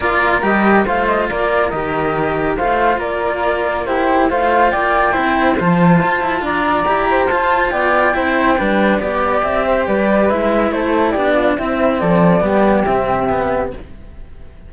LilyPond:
<<
  \new Staff \with { instrumentName = "flute" } { \time 4/4 \tempo 4 = 140 d''4 dis''4 f''8 dis''8 d''4 | dis''2 f''4 d''4~ | d''4 c''4 f''4 g''4~ | g''4 a''2 ais''4~ |
ais''4 a''4 g''2~ | g''4 d''4 e''4 d''4 | e''4 c''4 d''4 e''4 | d''2 e''2 | }
  \new Staff \with { instrumentName = "flute" } { \time 4/4 ais'2 c''4 ais'4~ | ais'2 c''4 ais'4~ | ais'4 g'4 c''4 d''4 | c''2. d''4~ |
d''8 c''4. d''4 c''4 | b'4 d''4. c''8 b'4~ | b'4 a'4 g'8 f'8 e'4 | a'4 g'2. | }
  \new Staff \with { instrumentName = "cello" } { \time 4/4 f'4 g'4 f'2 | g'2 f'2~ | f'4 e'4 f'2 | e'4 f'2. |
g'4 f'2 e'4 | d'4 g'2. | e'2 d'4 c'4~ | c'4 b4 c'4 b4 | }
  \new Staff \with { instrumentName = "cello" } { \time 4/4 ais4 g4 a4 ais4 | dis2 a4 ais4~ | ais2 a4 ais4 | c'4 f4 f'8 e'8 d'4 |
e'4 f'4 b4 c'4 | g4 b4 c'4 g4 | gis4 a4 b4 c'4 | f4 g4 c2 | }
>>